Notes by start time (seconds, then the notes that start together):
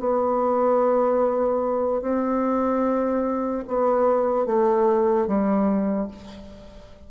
0.00 B3
2.02 C4
3.68 B3
4.46 A3
5.27 G3